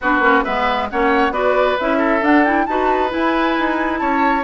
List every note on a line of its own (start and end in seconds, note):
0.01 0.19 B3
0.01 0.21 D4
0.01 0.44 F#4
0.01 0.44 B4
0.19 0.41 A#3
0.19 0.44 C#4
0.44 0.91 G#3
0.44 0.89 B3
0.44 0.88 B4
0.44 0.88 E5
0.89 1.30 A#3
0.89 1.32 C#4
0.89 1.32 C#5
0.89 1.33 F#5
1.30 1.75 B3
1.30 1.76 F#4
1.30 1.98 B4
1.30 1.77 D5
1.79 2.21 C#4
1.79 2.21 E4
1.79 2.24 E5
1.98 2.64 A4
2.21 2.65 D4
2.21 2.44 D4
2.21 2.44 F#5
2.44 2.67 E4
2.44 2.66 G5
2.66 3.12 D#4
2.66 3.09 F#4
2.66 4.00 B4
2.66 3.10 A5
3.09 4.43 E4
3.09 3.58 E4
3.09 3.97 G#5
3.58 4.01 D#4
3.97 4.43 C#4
3.97 4.43 C#5
3.97 4.42 A5